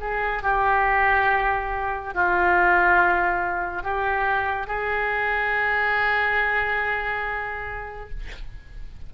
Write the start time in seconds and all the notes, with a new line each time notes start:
0.00 G#4
0.42 G4
2.14 F4
3.83 G4
4.67 G#4